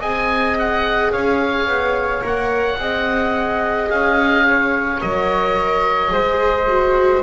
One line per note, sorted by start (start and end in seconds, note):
0.00 1.13 C4
0.00 2.22 G#4
0.00 1.11 D#5
0.00 0.57 G#5
0.59 1.12 F#5
1.12 1.67 C#4
1.12 2.78 C#5
1.12 2.24 F5
1.67 2.23 B3
2.22 2.78 A#3
2.22 2.77 A#4
2.22 3.90 F#5
2.78 3.89 C4
2.78 4.99 G#4
2.78 4.47 D#5
3.90 5.01 C#4
3.90 5.01 F5
4.48 6.13 C#5
4.99 6.13 F#3
4.99 6.09 A#4
4.99 7.23 D#5
6.09 7.23 G#3
6.09 6.64 G#4
6.09 7.23 C5
6.68 7.23 F#4